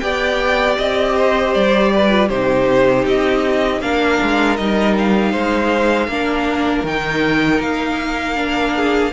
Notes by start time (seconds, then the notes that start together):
0.00 B3 G4 D5 G5
0.78 C4 D#5
1.17 C5
1.54 G3 D5
1.94 B4
2.09 F4
2.29 C3 D#4 G4 C5
3.06 C4 D#5
3.81 A#3 D4 A#4 F5
4.23 G#3
4.57 G3 D#4 D#5
4.98 F5
5.32 G#3 C5
6.08 A#3 D4 A#4
6.84 D#3 D#4 G5
7.60 A#3 F5
8.36 D4
8.75 G#4